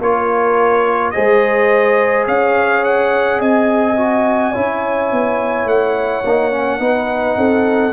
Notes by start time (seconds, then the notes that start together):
0.00 A#3 F4 A#4 C#5
1.11 G#3 G#4 C5 D#5
2.26 C#4 C#5 F5
2.84 F#5
3.39 C4 D#5 G#5
3.97 F#4
4.51 C#4 E4 C#5
5.11 B3
5.65 A3 F#5
6.25 A#3 D#4
6.51 C#4
6.79 B3 D#4 B4
7.37 C4 A4